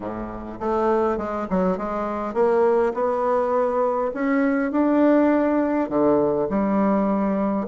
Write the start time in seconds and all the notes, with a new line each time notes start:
0.00 A2
0.59 A3
1.17 G#3
1.50 F#3
1.77 G#3
2.34 A#3
2.94 B3
4.14 C#4
4.71 D4
5.89 D3
6.49 G3